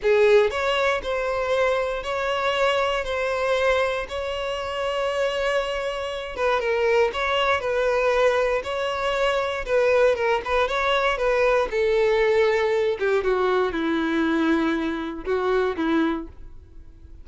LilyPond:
\new Staff \with { instrumentName = "violin" } { \time 4/4 \tempo 4 = 118 gis'4 cis''4 c''2 | cis''2 c''2 | cis''1~ | cis''8 b'8 ais'4 cis''4 b'4~ |
b'4 cis''2 b'4 | ais'8 b'8 cis''4 b'4 a'4~ | a'4. g'8 fis'4 e'4~ | e'2 fis'4 e'4 | }